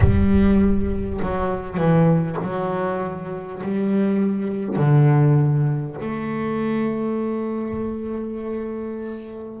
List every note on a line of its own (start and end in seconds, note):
0.00 1.20 G3
1.22 1.77 F#3
1.77 2.37 E3
2.42 3.62 F#3
3.63 4.76 G3
4.76 5.96 D3
6.01 9.60 A3